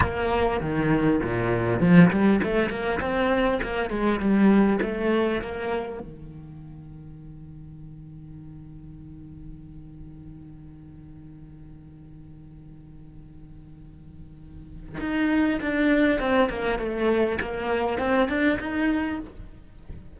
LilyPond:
\new Staff \with { instrumentName = "cello" } { \time 4/4 \tempo 4 = 100 ais4 dis4 ais,4 f8 g8 | a8 ais8 c'4 ais8 gis8 g4 | a4 ais4 dis2~ | dis1~ |
dis1~ | dis1~ | dis4 dis'4 d'4 c'8 ais8 | a4 ais4 c'8 d'8 dis'4 | }